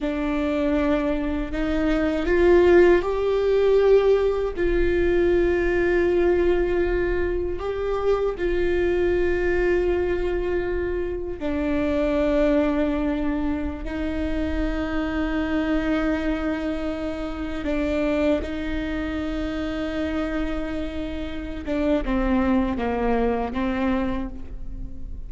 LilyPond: \new Staff \with { instrumentName = "viola" } { \time 4/4 \tempo 4 = 79 d'2 dis'4 f'4 | g'2 f'2~ | f'2 g'4 f'4~ | f'2. d'4~ |
d'2~ d'16 dis'4.~ dis'16~ | dis'2.~ dis'16 d'8.~ | d'16 dis'2.~ dis'8.~ | dis'8 d'8 c'4 ais4 c'4 | }